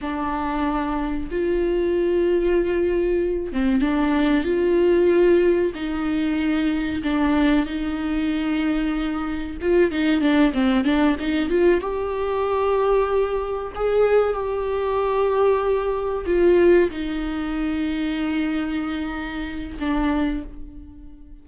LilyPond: \new Staff \with { instrumentName = "viola" } { \time 4/4 \tempo 4 = 94 d'2 f'2~ | f'4. c'8 d'4 f'4~ | f'4 dis'2 d'4 | dis'2. f'8 dis'8 |
d'8 c'8 d'8 dis'8 f'8 g'4.~ | g'4. gis'4 g'4.~ | g'4. f'4 dis'4.~ | dis'2. d'4 | }